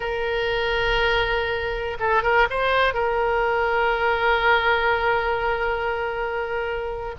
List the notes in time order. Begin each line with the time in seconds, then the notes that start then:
0.00 A#4
1.99 A4
2.22 A#4
2.50 C5
2.93 A#4